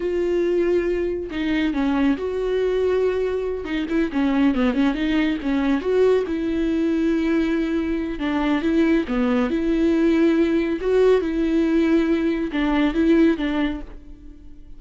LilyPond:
\new Staff \with { instrumentName = "viola" } { \time 4/4 \tempo 4 = 139 f'2. dis'4 | cis'4 fis'2.~ | fis'8 dis'8 e'8 cis'4 b8 cis'8 dis'8~ | dis'8 cis'4 fis'4 e'4.~ |
e'2. d'4 | e'4 b4 e'2~ | e'4 fis'4 e'2~ | e'4 d'4 e'4 d'4 | }